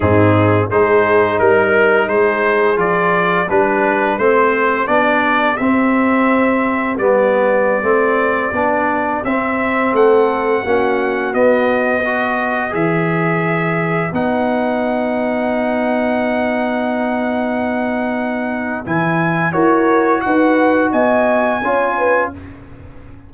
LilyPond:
<<
  \new Staff \with { instrumentName = "trumpet" } { \time 4/4 \tempo 4 = 86 gis'4 c''4 ais'4 c''4 | d''4 b'4 c''4 d''4 | e''2 d''2~ | d''4~ d''16 e''4 fis''4.~ fis''16~ |
fis''16 dis''2 e''4.~ e''16~ | e''16 fis''2.~ fis''8.~ | fis''2. gis''4 | cis''4 fis''4 gis''2 | }
  \new Staff \with { instrumentName = "horn" } { \time 4/4 dis'4 gis'4 ais'4 gis'4~ | gis'4 g'2.~ | g'1~ | g'2~ g'16 a'4 fis'8.~ |
fis'4~ fis'16 b'2~ b'8.~ | b'1~ | b'1 | ais'4 b'4 dis''4 cis''8 b'8 | }
  \new Staff \with { instrumentName = "trombone" } { \time 4/4 c'4 dis'2. | f'4 d'4 c'4 d'4 | c'2 b4~ b16 c'8.~ | c'16 d'4 c'2 cis'8.~ |
cis'16 b4 fis'4 gis'4.~ gis'16~ | gis'16 dis'2.~ dis'8.~ | dis'2. e'4 | fis'2. f'4 | }
  \new Staff \with { instrumentName = "tuba" } { \time 4/4 gis,4 gis4 g4 gis4 | f4 g4 a4 b4 | c'2 g4~ g16 a8.~ | a16 b4 c'4 a4 ais8.~ |
ais16 b2 e4.~ e16~ | e16 b2.~ b8.~ | b2. e4 | e'4 dis'4 b4 cis'4 | }
>>